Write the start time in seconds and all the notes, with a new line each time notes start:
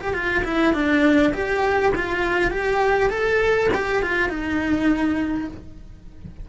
0.00 G4
0.14 F4
0.44 E4
0.73 D4
1.33 G4
1.95 F4
2.51 G4
3.10 A4
3.74 G4
4.02 F4
4.29 D#4